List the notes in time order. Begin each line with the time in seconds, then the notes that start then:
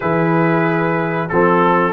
0.00 E3 E4 G#4 B4
1.28 F3 C4 A4